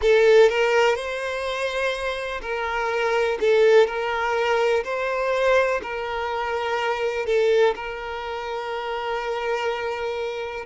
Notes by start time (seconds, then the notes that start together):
0.01 A4
0.49 A#4
0.95 C5
2.41 A#4
3.40 A4
3.87 A#4
4.83 C5
5.82 A#4
7.26 A4
7.75 A#4